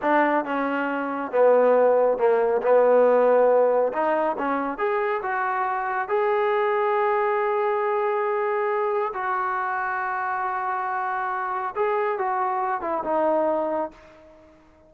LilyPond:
\new Staff \with { instrumentName = "trombone" } { \time 4/4 \tempo 4 = 138 d'4 cis'2 b4~ | b4 ais4 b2~ | b4 dis'4 cis'4 gis'4 | fis'2 gis'2~ |
gis'1~ | gis'4 fis'2.~ | fis'2. gis'4 | fis'4. e'8 dis'2 | }